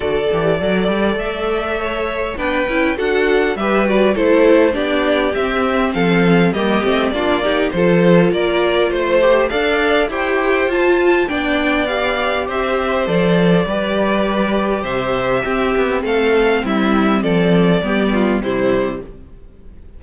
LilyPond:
<<
  \new Staff \with { instrumentName = "violin" } { \time 4/4 \tempo 4 = 101 d''2 e''2 | g''4 fis''4 e''8 d''8 c''4 | d''4 e''4 f''4 dis''4 | d''4 c''4 d''4 c''4 |
f''4 g''4 a''4 g''4 | f''4 e''4 d''2~ | d''4 e''2 f''4 | e''4 d''2 c''4 | }
  \new Staff \with { instrumentName = "violin" } { \time 4/4 a'4 d''2 cis''4 | b'4 a'4 b'4 a'4 | g'2 a'4 g'4 | f'8 g'8 a'4 ais'4 c''4 |
d''4 c''2 d''4~ | d''4 c''2 b'4~ | b'4 c''4 g'4 a'4 | e'4 a'4 g'8 f'8 e'4 | }
  \new Staff \with { instrumentName = "viola" } { \time 4/4 fis'8 g'8 a'2. | d'8 e'8 fis'4 g'8 fis'8 e'4 | d'4 c'2 ais8 c'8 | d'8 dis'8 f'2~ f'8 g'8 |
a'4 g'4 f'4 d'4 | g'2 a'4 g'4~ | g'2 c'2~ | c'2 b4 g4 | }
  \new Staff \with { instrumentName = "cello" } { \time 4/4 d8 e8 fis8 g8 a2 | b8 cis'8 d'4 g4 a4 | b4 c'4 f4 g8 a8 | ais4 f4 ais4 a4 |
d'4 e'4 f'4 b4~ | b4 c'4 f4 g4~ | g4 c4 c'8 b8 a4 | g4 f4 g4 c4 | }
>>